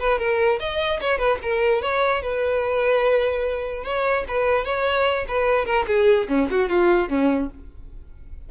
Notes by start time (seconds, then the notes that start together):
0.00 B4
0.19 A#4
0.60 D#5
1.01 C#5
1.18 B4
1.43 A#4
1.82 C#5
2.23 B4
3.84 C#5
4.28 B4
4.65 C#5
5.28 B4
5.66 A#4
5.87 G#4
6.29 C#4
6.51 F#4
6.69 F4
7.09 C#4